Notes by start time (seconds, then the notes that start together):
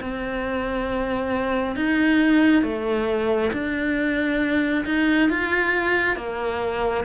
0.00 C4
1.76 D#4
2.63 A3
3.53 D4
4.85 D#4
5.29 F4
6.16 A#3